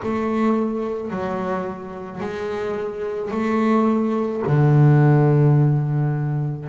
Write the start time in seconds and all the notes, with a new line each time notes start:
0.03 A3
1.10 F#3
2.20 G#3
3.31 A3
4.46 D3